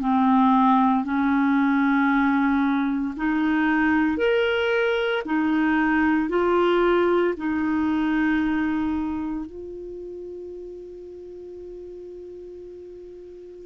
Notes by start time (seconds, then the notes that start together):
0.00 C4
1.04 C#4
3.16 D#4
4.17 A#4
5.25 D#4
6.29 F4
7.37 D#4
9.46 F4